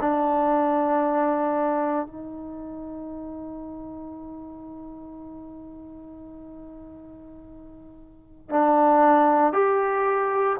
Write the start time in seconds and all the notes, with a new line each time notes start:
0.00 D4
2.06 D#4
8.49 D4
9.53 G4